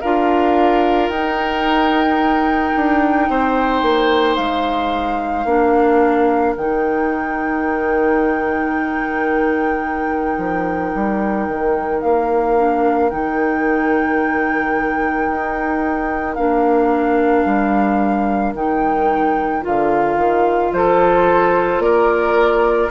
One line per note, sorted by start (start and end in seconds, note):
0.00 1.09 D4
0.00 1.12 F4
0.00 3.28 A#4
0.00 1.08 F5
1.08 2.72 D#4
1.08 5.46 D#4
1.08 4.36 G5
2.76 3.28 D4
3.28 3.82 C4
3.28 5.46 C5
3.82 4.36 A#3
4.36 5.44 G#3
4.36 6.54 F5
5.44 6.53 A#3
5.44 6.55 D4
5.44 20.73 A#4
6.55 10.37 D#3
6.55 12.57 D#4
6.55 12.01 G5
10.37 10.92 F3
10.95 11.47 G3
11.47 12.02 D#3
12.01 13.12 A#3
12.01 13.09 F5
12.57 13.09 D4
13.09 15.29 D#3
13.09 16.37 D#4
13.09 16.34 G5
15.29 16.37 D#4
16.34 17.44 A#3
16.34 18.55 D4
16.34 18.52 F5
17.44 18.53 G3
18.53 19.62 D#3
18.53 19.61 D#4
18.53 19.64 G5
19.61 20.16 D3
19.61 22.88 F4
19.61 20.73 F5
20.16 20.71 D#3
20.72 21.78 F3
20.72 21.83 A4
20.72 21.80 C5
21.78 22.87 A#3
21.78 22.90 A#4
21.78 22.90 D5